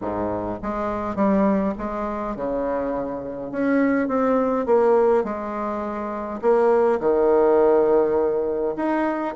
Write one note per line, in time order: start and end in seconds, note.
0.01 0.59 G#2
0.62 1.15 G#3
1.15 1.73 G3
1.78 2.35 G#3
2.35 3.51 C#3
3.51 4.08 C#4
4.08 4.66 C4
4.66 5.24 A#3
5.24 6.40 G#3
6.41 6.99 A#3
7.00 8.75 D#3
8.76 9.34 D#4